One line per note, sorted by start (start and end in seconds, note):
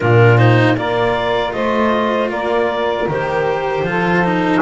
0.00 0.76 A#2
0.00 0.37 D4
0.00 0.77 F4
0.00 0.37 A#4
0.37 0.75 D#4
0.37 0.76 C5
0.76 1.53 A#3
0.76 3.07 F4
0.76 1.54 A#4
0.76 1.52 D5
1.52 2.29 A3
1.52 2.30 C5
1.52 2.29 D#5
2.29 3.06 A#3
2.29 3.84 A#4
2.29 3.08 D5
3.07 3.81 D#3
3.07 3.85 G4
3.07 4.61 C5
3.81 4.58 F3
3.81 4.24 F4
3.88 4.61 A4
4.24 4.61 D#4